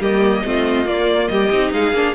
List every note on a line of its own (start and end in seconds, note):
0.00 0.43 G3
0.00 0.44 A#3
0.00 0.43 G4
0.00 0.87 D#5
0.44 0.86 A3
0.44 0.86 C4
0.44 1.31 F4
0.86 1.50 A#3
0.86 1.29 A#3
0.86 1.28 D5
1.28 1.52 G3
1.28 1.74 G4
1.28 1.71 D#5
1.52 1.73 C4
1.52 1.95 D#4
1.73 1.92 G#3
1.73 2.15 G#4
1.73 2.15 F5
1.92 2.14 A#3
1.92 2.15 D4